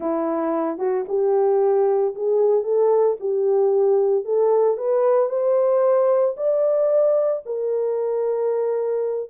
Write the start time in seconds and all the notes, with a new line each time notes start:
0.00 E4
0.77 F#4
1.08 G4
2.15 G#4
2.63 A4
3.20 G4
4.25 A4
4.77 B4
5.29 C5
6.36 D5
7.45 A#4